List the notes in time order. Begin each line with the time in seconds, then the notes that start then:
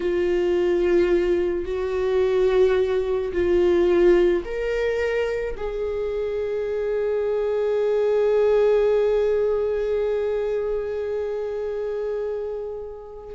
0.00 F4
1.65 F#4
3.32 F4
4.44 A#4
5.57 G#4